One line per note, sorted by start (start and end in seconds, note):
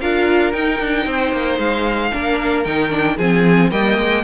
0.00 0.54 D4
0.00 0.53 F4
0.00 1.04 A#4
0.00 0.53 F5
0.53 2.12 D#4
0.53 0.80 D#4
0.53 1.59 G5
0.80 1.06 D4
1.04 1.32 C4
1.04 2.10 C5
1.32 1.58 A#3
1.58 2.11 G#3
1.58 2.64 F5
2.12 2.65 A#3
2.12 2.65 D4
2.12 3.17 A#4
2.64 3.18 D#3
2.64 2.90 D#4
2.64 3.18 G5
2.90 3.16 D4
3.17 3.71 F3
3.17 3.71 C4
3.17 3.70 G#4
3.17 3.71 G#5
3.71 3.97 G3
3.71 4.24 A#3
3.71 4.24 D#5
3.71 4.24 G5
3.97 4.24 G#3